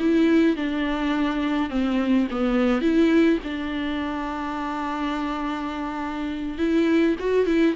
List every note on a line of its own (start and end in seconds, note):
0.00 0.57 E4
0.57 1.70 D4
1.70 2.28 C4
2.31 2.82 B3
2.82 3.40 E4
3.44 6.59 D4
6.59 7.16 E4
7.20 7.47 F#4
7.47 7.75 E4